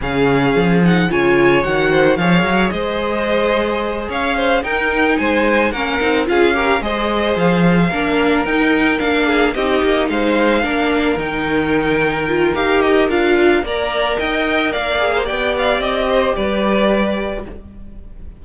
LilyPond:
<<
  \new Staff \with { instrumentName = "violin" } { \time 4/4 \tempo 4 = 110 f''4. fis''8 gis''4 fis''4 | f''4 dis''2~ dis''8 f''8~ | f''8 g''4 gis''4 fis''4 f''8~ | f''8 dis''4 f''2 g''8~ |
g''8 f''4 dis''4 f''4.~ | f''8 g''2~ g''8 f''8 dis''8 | f''4 ais''4 g''4 f''4 | g''8 f''8 dis''4 d''2 | }
  \new Staff \with { instrumentName = "violin" } { \time 4/4 gis'2 cis''4. c''8 | cis''4 c''2~ c''8 cis''8 | c''8 ais'4 c''4 ais'4 gis'8 | ais'8 c''2 ais'4.~ |
ais'4 gis'8 g'4 c''4 ais'8~ | ais'1~ | ais'4 d''4 dis''4 d''8. c''16 | d''4. c''8 b'2 | }
  \new Staff \with { instrumentName = "viola" } { \time 4/4 cis'4. dis'8 f'4 fis'4 | gis'1~ | gis'8 dis'2 cis'8 dis'8 f'8 | g'8 gis'2 d'4 dis'8~ |
dis'8 d'4 dis'2 d'8~ | d'8 dis'2 f'8 g'4 | f'4 ais'2~ ais'8 gis'8 | g'1 | }
  \new Staff \with { instrumentName = "cello" } { \time 4/4 cis4 f4 cis4 dis4 | f8 fis8 gis2~ gis8 cis'8~ | cis'8 dis'4 gis4 ais8 c'8 cis'8~ | cis'8 gis4 f4 ais4 dis'8~ |
dis'8 ais4 c'8 ais8 gis4 ais8~ | ais8 dis2~ dis8 dis'4 | d'4 ais4 dis'4 ais4 | b4 c'4 g2 | }
>>